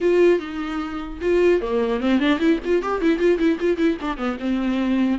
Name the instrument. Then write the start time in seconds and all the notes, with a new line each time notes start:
viola
0.00 F4
0.39 D#4
1.21 F4
1.61 A#3
2.00 C4
2.19 D4
2.39 E4
2.64 F4
2.82 G4
3.01 E4
3.19 F4
3.38 E4
3.60 F4
3.77 E4
4.01 D4
4.17 B3
4.39 C4